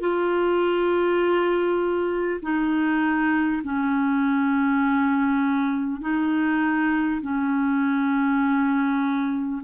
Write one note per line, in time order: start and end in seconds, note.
0.00 2.40 F4
2.42 3.62 D#4
3.64 6.01 C#4
6.01 7.21 D#4
7.21 9.61 C#4